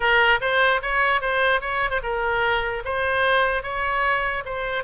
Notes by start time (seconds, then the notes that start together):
0.00 A#4
0.40 C5
0.81 C#5
1.21 C5
1.61 C#5
1.90 C5
2.02 A#4
2.84 C5
3.62 C#5
4.45 C5